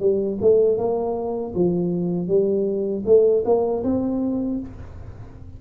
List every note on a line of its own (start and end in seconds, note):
0.00 0.38 G3
0.41 0.78 A3
0.78 1.54 A#3
1.55 2.28 F3
2.28 3.03 G3
3.06 3.44 A3
3.45 3.83 A#3
3.84 4.60 C4